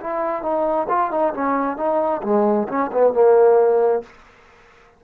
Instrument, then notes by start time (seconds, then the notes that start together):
trombone
0.00 E4
0.42 D#4
0.88 F4
1.10 D#4
1.33 C#4
1.76 D#4
2.23 G#3
2.68 C#4
2.91 B3
3.13 A#3